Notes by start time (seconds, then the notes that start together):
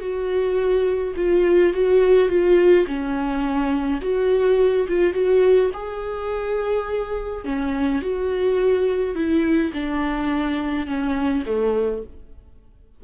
0.00 F#4
1.16 F4
1.73 F#4
2.29 F4
2.87 C#4
4.01 F#4
4.88 F4
5.13 F#4
5.73 G#4
7.44 C#4
8.02 F#4
9.15 E4
9.73 D4
10.86 C#4
11.46 A3